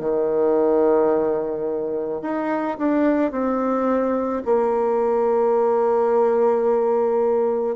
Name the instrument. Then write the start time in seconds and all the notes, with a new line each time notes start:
bassoon
0.00 D#3
2.22 D#4
2.78 D4
3.31 C4
4.45 A#3